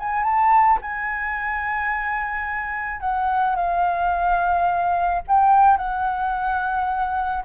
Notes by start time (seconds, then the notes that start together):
0.00 G#5
0.23 A5
0.82 G#5
3.01 F#5
3.56 F5
5.28 G5
5.78 F#5